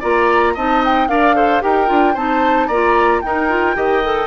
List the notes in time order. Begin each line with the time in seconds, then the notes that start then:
0.00 A#3 F4 D5 A#5
0.54 C4 D#4 D#5 A5
0.85 G5
1.08 D4 A#4 D5 F5
1.35 A4 C5
1.62 D#4 G4 A#4 G5
1.87 D4 F4
2.14 C4 D#4 C5 A5
2.68 A#3 F4 D5 A#5
3.22 D#4 A#4 G5
3.50 F4
3.76 D#3 G4 D#5
4.04 A4